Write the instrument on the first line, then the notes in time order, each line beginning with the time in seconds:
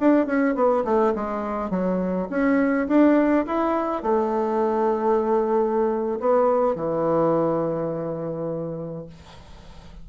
bassoon
0.00 D4
0.26 C#4
0.56 B3
0.85 A3
1.15 G#3
1.70 F#3
2.30 C#4
2.88 D4
3.47 E4
4.03 A3
6.20 B3
6.76 E3